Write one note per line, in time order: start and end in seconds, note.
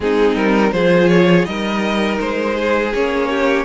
0.00 0.35 G#3
0.00 0.74 C4
0.00 0.73 D#4
0.00 0.36 G#4
0.35 0.71 G3
0.35 0.72 A#4
0.72 1.46 F3
0.72 1.46 F4
0.72 1.46 G#4
0.72 1.08 C5
1.08 1.44 C#5
1.44 2.19 G3
1.44 2.92 D#4
1.44 2.55 A#4
1.44 2.17 D#5
2.20 2.93 G#3
2.20 2.93 C5
2.55 3.28 G#4
2.93 3.64 A#3
2.93 3.64 C#4
2.93 3.64 C#5
3.29 3.64 G4